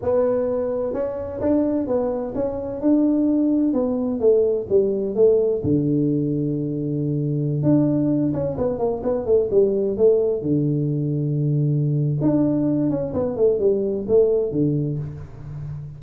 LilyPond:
\new Staff \with { instrumentName = "tuba" } { \time 4/4 \tempo 4 = 128 b2 cis'4 d'4 | b4 cis'4 d'2 | b4 a4 g4 a4 | d1~ |
d16 d'4. cis'8 b8 ais8 b8 a16~ | a16 g4 a4 d4.~ d16~ | d2 d'4. cis'8 | b8 a8 g4 a4 d4 | }